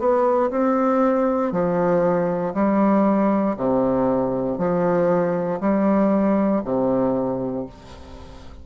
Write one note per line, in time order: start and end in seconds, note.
0.00 0.51 B3
0.51 1.53 C4
1.53 2.54 F3
2.55 3.56 G3
3.57 4.59 C3
4.59 5.60 F3
5.61 6.62 G3
6.65 7.66 C3